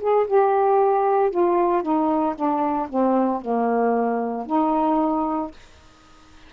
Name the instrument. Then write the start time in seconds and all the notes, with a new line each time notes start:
saxophone
0.00 G#4
0.27 G4
1.31 F4
1.82 D#4
2.35 D4
2.89 C4
3.41 A#3
4.46 D#4